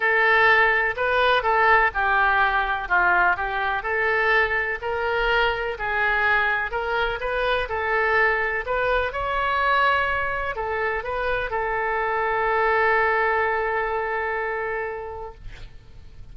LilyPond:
\new Staff \with { instrumentName = "oboe" } { \time 4/4 \tempo 4 = 125 a'2 b'4 a'4 | g'2 f'4 g'4 | a'2 ais'2 | gis'2 ais'4 b'4 |
a'2 b'4 cis''4~ | cis''2 a'4 b'4 | a'1~ | a'1 | }